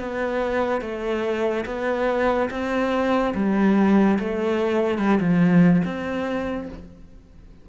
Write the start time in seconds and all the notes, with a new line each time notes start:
0.00 B3
0.82 A3
1.66 B3
2.51 C4
3.35 G3
4.19 A3
4.98 G3
5.20 F3
5.85 C4